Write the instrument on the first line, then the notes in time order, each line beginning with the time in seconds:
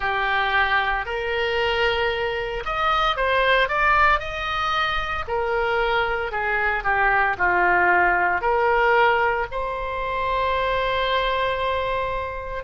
oboe
0.00 G4
1.05 A#4
2.65 D#5
3.16 C5
3.68 D5
4.19 D#5
5.27 A#4
6.31 G#4
6.83 G4
7.37 F4
8.41 A#4
9.51 C5